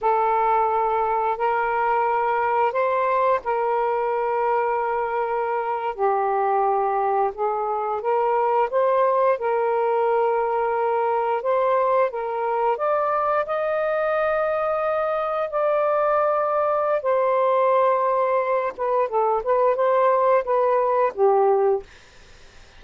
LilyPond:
\new Staff \with { instrumentName = "saxophone" } { \time 4/4 \tempo 4 = 88 a'2 ais'2 | c''4 ais'2.~ | ais'8. g'2 gis'4 ais'16~ | ais'8. c''4 ais'2~ ais'16~ |
ais'8. c''4 ais'4 d''4 dis''16~ | dis''2~ dis''8. d''4~ d''16~ | d''4 c''2~ c''8 b'8 | a'8 b'8 c''4 b'4 g'4 | }